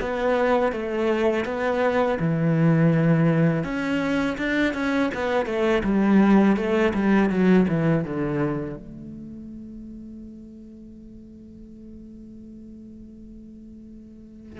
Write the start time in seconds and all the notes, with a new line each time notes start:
0.00 B3
0.72 A3
1.45 B3
2.19 E3
3.64 C#4
4.37 D4
4.74 C#4
5.14 B3
5.45 A3
5.83 G3
6.56 A3
6.93 G3
7.30 F#3
7.68 E3
8.04 D3
8.76 A3